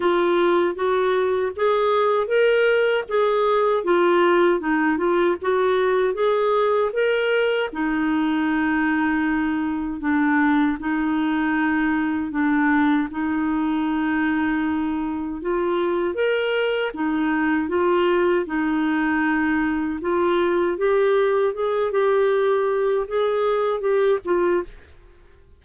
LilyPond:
\new Staff \with { instrumentName = "clarinet" } { \time 4/4 \tempo 4 = 78 f'4 fis'4 gis'4 ais'4 | gis'4 f'4 dis'8 f'8 fis'4 | gis'4 ais'4 dis'2~ | dis'4 d'4 dis'2 |
d'4 dis'2. | f'4 ais'4 dis'4 f'4 | dis'2 f'4 g'4 | gis'8 g'4. gis'4 g'8 f'8 | }